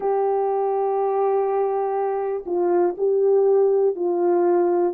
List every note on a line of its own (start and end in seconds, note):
0.00 2.44 G4
2.45 2.95 F4
2.97 3.95 G4
3.95 4.93 F4